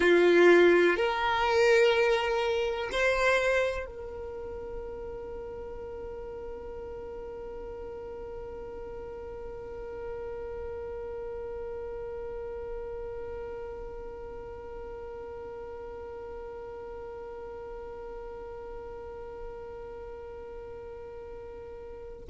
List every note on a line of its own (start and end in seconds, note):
0.00 0.96 F4
0.96 2.89 A#4
2.91 3.85 C5
3.85 22.24 A#4